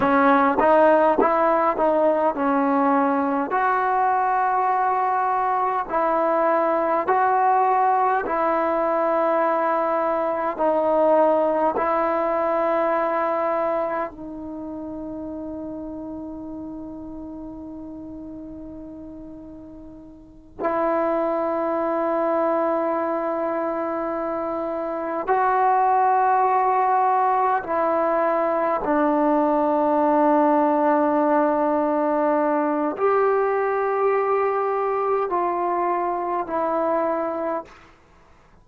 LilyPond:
\new Staff \with { instrumentName = "trombone" } { \time 4/4 \tempo 4 = 51 cis'8 dis'8 e'8 dis'8 cis'4 fis'4~ | fis'4 e'4 fis'4 e'4~ | e'4 dis'4 e'2 | dis'1~ |
dis'4. e'2~ e'8~ | e'4. fis'2 e'8~ | e'8 d'2.~ d'8 | g'2 f'4 e'4 | }